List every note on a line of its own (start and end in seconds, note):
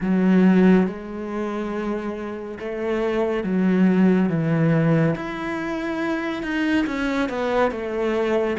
0.00 0.86 F#3
0.86 2.58 G#3
2.59 3.43 A3
3.43 4.29 F#3
4.29 5.15 E3
5.15 6.42 E4
6.42 6.85 D#4
6.86 7.29 C#4
7.29 7.71 B3
7.71 8.56 A3